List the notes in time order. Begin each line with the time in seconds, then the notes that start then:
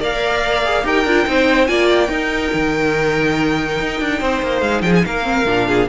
0.00 A#3 A#4 D5 F5
0.65 G#4
0.84 D#4 G4 A#4 G5
1.05 D4 F4
1.26 C4 D#4 C5
1.67 A#3 F4 D5 G#5
1.89 G5
2.08 D#4 A#4
2.54 D#3
3.81 D#4
4.00 D4
4.20 C4 C5
4.42 A#3
4.61 G#3 F5
4.82 F3 G#4 G5
4.96 G#5
5.05 A#3 A#4 F5
5.23 C4
5.46 A#2 D4
5.68 G#4